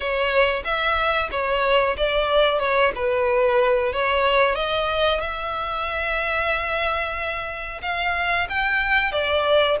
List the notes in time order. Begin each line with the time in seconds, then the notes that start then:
0.00 C#5
0.64 E5
1.31 C#5
1.97 D5
2.59 C#5
2.95 B4
3.92 C#5
4.55 D#5
5.20 E5
7.82 F5
8.49 G5
9.12 D5